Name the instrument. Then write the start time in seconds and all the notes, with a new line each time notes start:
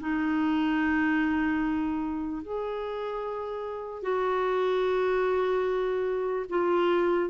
clarinet
0.00 D#4
2.42 G#4
4.02 F#4
6.49 F4